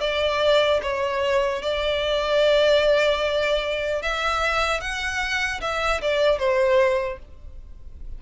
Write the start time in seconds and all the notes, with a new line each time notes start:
0.00 D5
0.83 C#5
1.62 D5
4.02 E5
4.81 F#5
5.61 E5
6.01 D5
6.39 C5